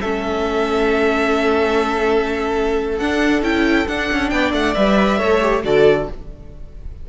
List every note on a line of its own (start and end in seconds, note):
0.00 2.99 A3
0.00 3.01 C#4
0.00 4.31 A4
0.00 2.98 E5
2.98 3.42 D4
2.98 3.43 D4
2.98 3.42 F#5
3.42 3.86 C#4
3.42 3.87 E4
3.42 3.87 G5
3.87 4.75 D4
3.87 4.10 D4
3.87 4.29 F#5
4.11 4.31 C#4
4.29 4.52 B3
4.29 5.18 D5
4.29 4.51 G5
4.52 4.74 A3
4.52 4.74 F#5
4.74 5.20 G3
4.74 5.18 B4
4.74 5.62 E5
5.18 5.64 A3
5.18 5.40 A4
5.18 5.62 C#5
5.41 5.63 G4
5.63 6.08 D3
5.63 6.07 F#4
5.63 6.09 A4
5.63 6.08 D5